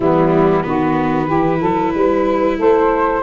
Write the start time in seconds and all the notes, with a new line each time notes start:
0.00 E3 G3 B3 E4
0.62 D#3 B3 F#4 B4
1.26 E3 E4 G4
1.60 F#3 A4
1.94 G3 B4
2.57 A3 A4 C5